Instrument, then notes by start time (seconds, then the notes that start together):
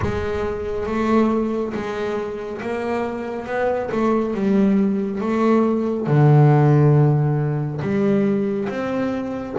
double bass
0.02 G#3
0.86 A3
1.74 G#3
2.61 A#3
3.46 B3
3.91 A3
4.34 G3
5.21 A3
6.06 D3
7.81 G3
8.68 C4